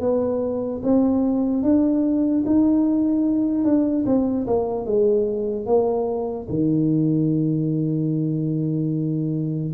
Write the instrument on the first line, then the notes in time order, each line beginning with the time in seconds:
tuba
0.00 B3
0.83 C4
1.63 D4
2.46 D#4
3.64 D4
4.06 C4
4.47 A#3
4.85 G#3
5.66 A#3
6.49 D#3